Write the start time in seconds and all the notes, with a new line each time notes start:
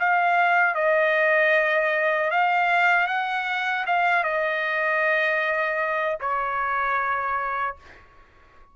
0.00 F5
0.75 D#5
2.31 F5
3.07 F#5
3.86 F5
4.24 D#5
6.20 C#5